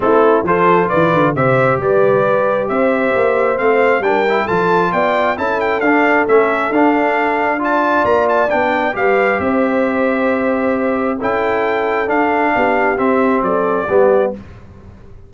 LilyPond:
<<
  \new Staff \with { instrumentName = "trumpet" } { \time 4/4 \tempo 4 = 134 a'4 c''4 d''4 e''4 | d''2 e''2 | f''4 g''4 a''4 g''4 | a''8 g''8 f''4 e''4 f''4~ |
f''4 a''4 ais''8 a''8 g''4 | f''4 e''2.~ | e''4 g''2 f''4~ | f''4 e''4 d''2 | }
  \new Staff \with { instrumentName = "horn" } { \time 4/4 e'4 a'4 b'4 c''4 | b'2 c''2~ | c''4 ais'4 a'4 d''4 | a'1~ |
a'4 d''2. | b'4 c''2.~ | c''4 a'2. | g'2 a'4 g'4 | }
  \new Staff \with { instrumentName = "trombone" } { \time 4/4 c'4 f'2 g'4~ | g'1 | c'4 d'8 e'8 f'2 | e'4 d'4 cis'4 d'4~ |
d'4 f'2 d'4 | g'1~ | g'4 e'2 d'4~ | d'4 c'2 b4 | }
  \new Staff \with { instrumentName = "tuba" } { \time 4/4 a4 f4 e8 d8 c4 | g2 c'4 ais4 | a4 g4 f4 b4 | cis'4 d'4 a4 d'4~ |
d'2 ais4 b4 | g4 c'2.~ | c'4 cis'2 d'4 | b4 c'4 fis4 g4 | }
>>